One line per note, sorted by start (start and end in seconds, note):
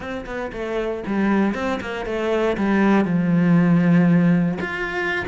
0.00 0.25 C4
0.26 0.51 B3
0.52 1.03 A3
1.06 1.54 G3
1.54 1.79 C4
1.80 2.05 A#3
2.05 2.56 A3
2.57 3.04 G3
3.04 4.58 F3
4.61 5.25 F4